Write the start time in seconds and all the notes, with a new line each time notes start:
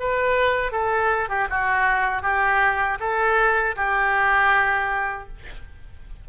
0.00 B4
0.72 A4
1.29 G4
1.50 F#4
2.22 G4
3.00 A4
3.76 G4